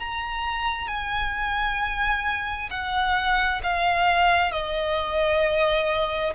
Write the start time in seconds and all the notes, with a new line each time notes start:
0.00 A#5
0.88 G#5
2.71 F#5
3.64 F5
4.52 D#5